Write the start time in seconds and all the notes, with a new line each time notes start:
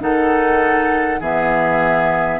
0.00 D#3 D#4 A4 F#5
1.20 E3 B3 G#4 E5